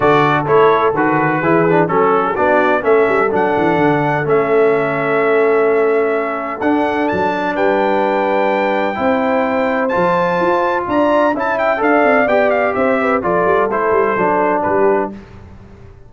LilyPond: <<
  \new Staff \with { instrumentName = "trumpet" } { \time 4/4 \tempo 4 = 127 d''4 cis''4 b'2 | a'4 d''4 e''4 fis''4~ | fis''4 e''2.~ | e''2 fis''4 a''4 |
g''1~ | g''4 a''2 ais''4 | a''8 g''8 f''4 g''8 f''8 e''4 | d''4 c''2 b'4 | }
  \new Staff \with { instrumentName = "horn" } { \time 4/4 a'2. gis'4 | a'8. gis'16 fis'4 a'2~ | a'1~ | a'1 |
b'2. c''4~ | c''2. d''4 | e''4 d''2 c''8 b'8 | a'2. g'4 | }
  \new Staff \with { instrumentName = "trombone" } { \time 4/4 fis'4 e'4 fis'4 e'8 d'8 | cis'4 d'4 cis'4 d'4~ | d'4 cis'2.~ | cis'2 d'2~ |
d'2. e'4~ | e'4 f'2. | e'4 a'4 g'2 | f'4 e'4 d'2 | }
  \new Staff \with { instrumentName = "tuba" } { \time 4/4 d4 a4 dis4 e4 | fis4 b4 a8 g8 fis8 e8 | d4 a2.~ | a2 d'4 fis4 |
g2. c'4~ | c'4 f4 f'4 d'4 | cis'4 d'8 c'8 b4 c'4 | f8 g8 a8 g8 fis4 g4 | }
>>